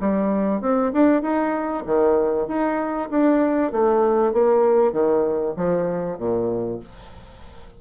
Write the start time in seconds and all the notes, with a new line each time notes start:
0.00 G3
0.61 C4
0.93 D4
1.22 D#4
1.86 D#3
2.47 D#4
3.10 D4
3.72 A3
4.33 A#3
4.93 D#3
5.57 F3
6.18 A#2